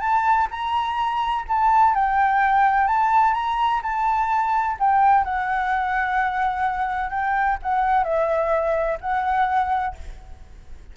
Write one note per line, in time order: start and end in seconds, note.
0.00 0.47 A5
0.50 1.45 A#5
1.48 1.94 A5
1.94 2.87 G5
2.87 3.33 A5
3.33 3.81 A#5
3.82 4.77 A5
4.79 5.24 G5
5.24 7.10 F#5
7.10 7.57 G5
7.62 8.04 F#5
8.04 8.98 E5
9.00 9.95 F#5